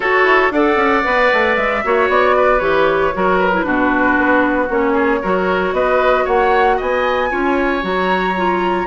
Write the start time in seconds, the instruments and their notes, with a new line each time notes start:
0.00 bassoon F#4, clarinet F#4, oboe A4, flute C#5
0.23 bassoon E4
0.50 bassoon D4, clarinet A4, oboe D5, flute F#5
0.76 bassoon C#4
1.03 bassoon B3, clarinet B4
1.32 bassoon A3
1.56 bassoon G#3, flute E5
1.84 bassoon A#3, clarinet F#4, oboe C#5
2.08 bassoon B3, flute D5
2.36 oboe B4
2.59 bassoon E3, clarinet G4, flute C#5
3.13 bassoon F#3, clarinet F#4, oboe A#4
3.38 flute B4
3.52 clarinet E4
3.63 bassoon B2, clarinet D4, oboe F#4
4.17 bassoon B3
4.69 bassoon A#3, clarinet C#4, flute C#5
4.93 oboe G#4
5.21 bassoon F#3, clarinet F#4, oboe A#4
5.72 bassoon B3, oboe B4, flute D#5
6.24 bassoon A#3, oboe C#5, flute F#5
6.76 bassoon B3, oboe D#5, flute G#5
7.29 bassoon C#4, clarinet F4, oboe C#5
7.81 bassoon F#3, clarinet F#4, flute A#5
8.36 clarinet F4